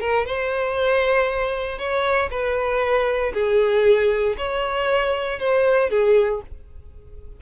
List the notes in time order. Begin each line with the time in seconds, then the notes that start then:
0.00 A#4
0.26 C5
1.78 C#5
2.30 B4
3.33 G#4
4.37 C#5
5.39 C5
5.90 G#4